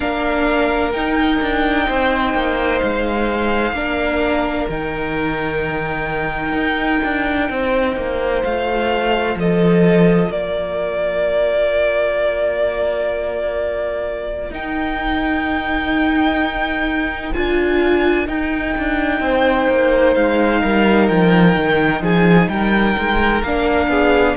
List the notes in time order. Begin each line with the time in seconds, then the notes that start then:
0.00 A#3 D4 A#4 F5
0.92 D#4 G5
1.41 D4
1.87 C4 C5
2.33 A#3
2.79 G#3 F5
3.72 A#3 D4 A#4
4.68 D#3 D#4 G5
6.52 D#4
7.03 D4
7.49 C4 C5
7.96 A#3
8.43 A3 F4 F5
9.35 F3 A4 D#5
10.29 A#3 A#4 D5
14.50 D#4 G5
17.33 D4 F4 G#5
18.26 D#4 G5
18.78 D4
19.20 C4 C5
19.69 A#3
20.14 G#3 F5
20.61 G3 A#4
21.08 F3 G5
21.55 D#3
22.01 F3 G#4 G#5
22.48 G3 A#4 G5
22.98 G#3
23.42 A#3 D4 F5
23.87 B3 G#4